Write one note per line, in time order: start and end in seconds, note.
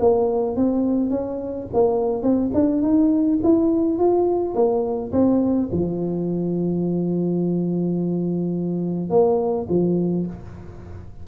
0.00 0.56 A#3
0.56 1.10 C4
1.10 1.67 C#4
1.74 2.23 A#3
2.23 2.51 C4
2.54 2.82 D4
2.82 3.39 D#4
3.43 3.99 E4
3.99 4.55 F4
4.55 5.12 A#3
5.12 5.70 C4
5.72 9.10 F3
9.10 9.67 A#3
9.69 10.26 F3